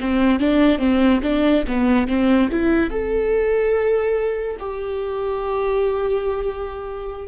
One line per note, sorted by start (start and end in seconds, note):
0.00 0.39 C4
0.39 0.79 D4
0.79 1.20 C4
1.23 1.64 D4
1.67 2.07 B3
2.07 2.49 C4
2.51 2.90 E4
2.90 4.57 A4
4.59 7.28 G4